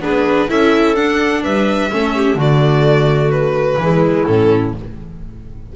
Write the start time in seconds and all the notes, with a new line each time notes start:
0.00 B3 D4 G#4 B4
0.48 C#4 E4 A4 E5
0.95 D4 F#5
1.43 G3 B4 E5
1.91 A3 C#4 A4
2.15 G4
2.35 D3 A3 F#4
2.41 D5
3.31 B4
3.77 E3 G#3 E4
4.25 A2 C#4 A4